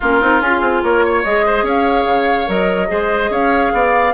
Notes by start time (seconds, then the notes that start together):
0.00 A#3 C#4 F4 A#4
0.20 C4 D#4
0.41 C#4 F4 G#4
0.61 C4
0.82 A#3 A#4 C#5
1.04 C#5
1.24 G#3 G#4 D#5
1.46 C5
1.62 C#4 C#5 F5
2.05 C#3
2.46 F#3 A#4 D#5
2.88 G#3 G#4 C5
3.30 C#4 C#5 F5
3.73 B3 D5